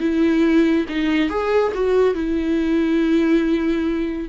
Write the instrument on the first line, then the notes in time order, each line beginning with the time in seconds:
viola
0.00 E4
0.89 D#4
1.30 G#4
1.75 F#4
2.15 E4